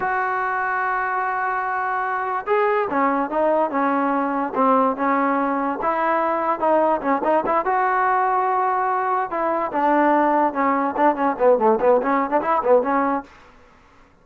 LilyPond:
\new Staff \with { instrumentName = "trombone" } { \time 4/4 \tempo 4 = 145 fis'1~ | fis'2 gis'4 cis'4 | dis'4 cis'2 c'4 | cis'2 e'2 |
dis'4 cis'8 dis'8 e'8 fis'4.~ | fis'2~ fis'8 e'4 d'8~ | d'4. cis'4 d'8 cis'8 b8 | a8 b8 cis'8. d'16 e'8 b8 cis'4 | }